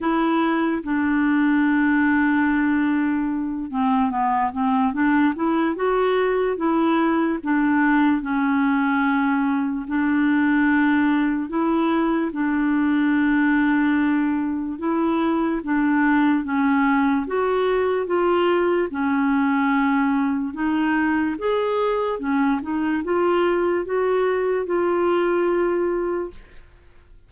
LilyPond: \new Staff \with { instrumentName = "clarinet" } { \time 4/4 \tempo 4 = 73 e'4 d'2.~ | d'8 c'8 b8 c'8 d'8 e'8 fis'4 | e'4 d'4 cis'2 | d'2 e'4 d'4~ |
d'2 e'4 d'4 | cis'4 fis'4 f'4 cis'4~ | cis'4 dis'4 gis'4 cis'8 dis'8 | f'4 fis'4 f'2 | }